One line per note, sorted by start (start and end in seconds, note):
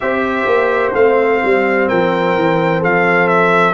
0.00 0.46 C4
0.00 0.94 G4
0.00 1.88 C5
0.00 0.93 E5
0.46 0.93 A#3
0.94 1.41 A3
0.94 3.73 C4
0.94 1.88 F5
1.44 1.91 G3
1.88 2.36 F3
1.88 2.79 A#4
1.88 2.82 G5
2.36 2.83 E3
2.79 3.73 F3
2.79 3.73 A4
2.79 3.27 F5
3.27 3.73 E5